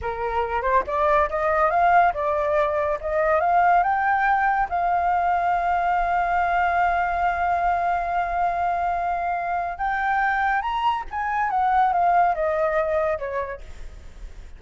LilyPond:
\new Staff \with { instrumentName = "flute" } { \time 4/4 \tempo 4 = 141 ais'4. c''8 d''4 dis''4 | f''4 d''2 dis''4 | f''4 g''2 f''4~ | f''1~ |
f''1~ | f''2. g''4~ | g''4 ais''4 gis''4 fis''4 | f''4 dis''2 cis''4 | }